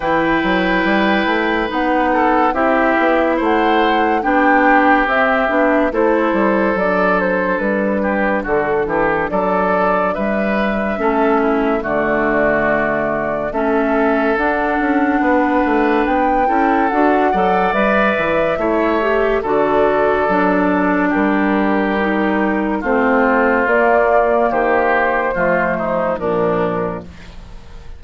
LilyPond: <<
  \new Staff \with { instrumentName = "flute" } { \time 4/4 \tempo 4 = 71 g''2 fis''4 e''4 | fis''4 g''4 e''4 c''4 | d''8 c''8 b'4 a'4 d''4 | e''2 d''2 |
e''4 fis''2 g''4 | fis''4 e''2 d''4~ | d''4 ais'2 c''4 | d''4 c''2 ais'4 | }
  \new Staff \with { instrumentName = "oboe" } { \time 4/4 b'2~ b'8 a'8 g'4 | c''4 g'2 a'4~ | a'4. g'8 fis'8 g'8 a'4 | b'4 a'8 e'8 fis'2 |
a'2 b'4. a'8~ | a'8 d''4. cis''4 a'4~ | a'4 g'2 f'4~ | f'4 g'4 f'8 dis'8 d'4 | }
  \new Staff \with { instrumentName = "clarinet" } { \time 4/4 e'2 dis'4 e'4~ | e'4 d'4 c'8 d'8 e'4 | d'1~ | d'4 cis'4 a2 |
cis'4 d'2~ d'8 e'8 | fis'8 a'8 b'4 e'8 g'8 fis'4 | d'2 dis'4 c'4 | ais2 a4 f4 | }
  \new Staff \with { instrumentName = "bassoon" } { \time 4/4 e8 fis8 g8 a8 b4 c'8 b8 | a4 b4 c'8 b8 a8 g8 | fis4 g4 d8 e8 fis4 | g4 a4 d2 |
a4 d'8 cis'8 b8 a8 b8 cis'8 | d'8 fis8 g8 e8 a4 d4 | fis4 g2 a4 | ais4 dis4 f4 ais,4 | }
>>